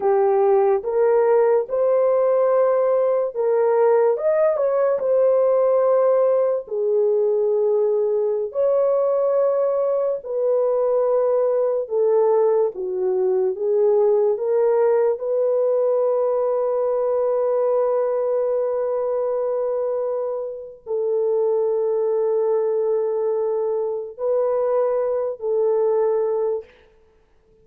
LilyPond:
\new Staff \with { instrumentName = "horn" } { \time 4/4 \tempo 4 = 72 g'4 ais'4 c''2 | ais'4 dis''8 cis''8 c''2 | gis'2~ gis'16 cis''4.~ cis''16~ | cis''16 b'2 a'4 fis'8.~ |
fis'16 gis'4 ais'4 b'4.~ b'16~ | b'1~ | b'4 a'2.~ | a'4 b'4. a'4. | }